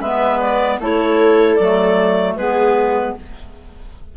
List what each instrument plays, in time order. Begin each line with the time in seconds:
0.00 bassoon G#3, clarinet B3 E5, viola B4
0.40 clarinet D5
0.79 bassoon A3, clarinet E4 C#5, viola A4
1.55 bassoon F#3, clarinet D5
1.62 clarinet A3
2.35 bassoon G#3, clarinet B3 B4, viola G#4